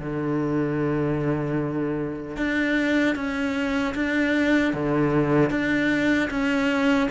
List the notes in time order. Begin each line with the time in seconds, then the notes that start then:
0.00 D3
2.37 D4
3.16 C#4
3.95 D4
4.74 D3
5.50 D4
6.31 C#4